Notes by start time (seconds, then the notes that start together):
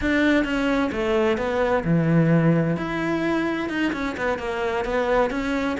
0.01 D4
0.44 C#4
0.91 A3
1.37 B3
1.84 E3
2.76 E4
3.69 D#4
3.93 C#4
4.17 B3
4.38 A#3
4.85 B3
5.30 C#4